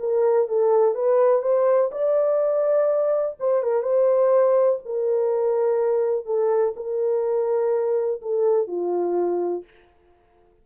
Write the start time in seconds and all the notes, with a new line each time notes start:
0.00 A#4
0.48 A4
0.95 B4
1.43 C5
1.92 D5
3.40 C5
3.63 A#4
3.83 C5
4.86 A#4
6.26 A4
6.77 A#4
8.22 A4
8.67 F4